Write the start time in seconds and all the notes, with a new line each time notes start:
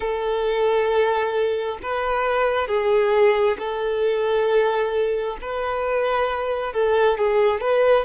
0.00 A4
1.82 B4
2.67 G#4
3.58 A4
5.41 B4
6.73 A4
7.18 G#4
7.60 B4